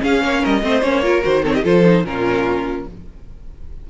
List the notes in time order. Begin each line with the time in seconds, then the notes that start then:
0.00 C#4 G#4 F5
0.23 A#3 C#5
0.41 G3 A#4 D#5
0.62 A3 C4 C5
0.82 A#3 C#4 C#5
1.03 F4 A#4
1.22 D#3 F#4 C5
1.43 C4 A4 C#5
1.54 G4 D#5
1.64 F3 F4 A4 C5
1.85 D#4
2.04 A#2 C#4 F4 A#4